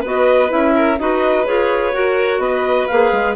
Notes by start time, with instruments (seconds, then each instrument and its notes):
0.00 bassoon B3, clarinet F#4, violin B4
0.06 clarinet D#5
0.48 bassoon C#4, clarinet E4 E5
0.75 violin A#4
0.98 bassoon D#4, clarinet F#4 D#5, violin B4
1.44 bassoon F4, clarinet G#4 C#5
1.93 clarinet F#4, bassoon F#4, violin A#4
2.38 bassoon B3, violin B4, clarinet D#5
2.87 bassoon A#3, clarinet G#4 F5
3.12 bassoon G#3